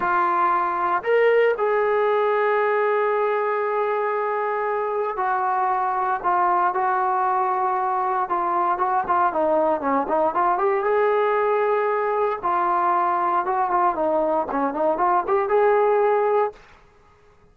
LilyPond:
\new Staff \with { instrumentName = "trombone" } { \time 4/4 \tempo 4 = 116 f'2 ais'4 gis'4~ | gis'1~ | gis'2 fis'2 | f'4 fis'2. |
f'4 fis'8 f'8 dis'4 cis'8 dis'8 | f'8 g'8 gis'2. | f'2 fis'8 f'8 dis'4 | cis'8 dis'8 f'8 g'8 gis'2 | }